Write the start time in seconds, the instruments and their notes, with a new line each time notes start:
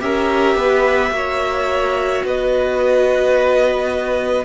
0.00 cello C#4, viola G4, violin A#4 E5
0.56 cello B3, violin B4
1.11 cello A#3, viola F#4, violin C#5
2.24 cello B3, violin B4 D#5